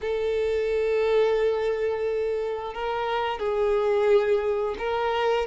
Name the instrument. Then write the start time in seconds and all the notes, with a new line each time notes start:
violin
0.01 A4
2.73 A#4
3.39 G#4
4.78 A#4